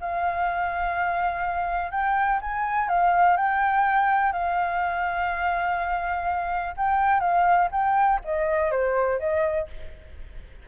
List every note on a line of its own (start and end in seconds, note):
0.00 1.91 F5
1.91 2.39 G5
2.41 2.88 G#5
2.88 3.36 F5
3.36 4.32 G5
4.32 6.74 F5
6.76 7.20 G5
7.20 7.68 F5
7.71 8.19 G5
8.24 8.71 D#5
8.71 9.19 C5
9.19 9.68 D#5